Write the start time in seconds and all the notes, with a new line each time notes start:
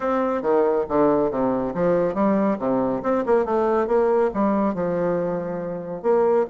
0.00 C4
0.41 D#3
0.88 D3
1.31 C3
1.74 F3
2.14 G3
2.59 C3
3.02 C4
3.26 A#3
3.45 A3
3.87 A#3
4.34 G3
4.74 F3
6.02 A#3